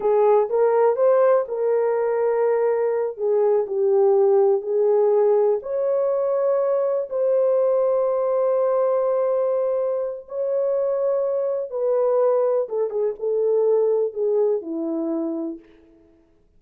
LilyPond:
\new Staff \with { instrumentName = "horn" } { \time 4/4 \tempo 4 = 123 gis'4 ais'4 c''4 ais'4~ | ais'2~ ais'8 gis'4 g'8~ | g'4. gis'2 cis''8~ | cis''2~ cis''8 c''4.~ |
c''1~ | c''4 cis''2. | b'2 a'8 gis'8 a'4~ | a'4 gis'4 e'2 | }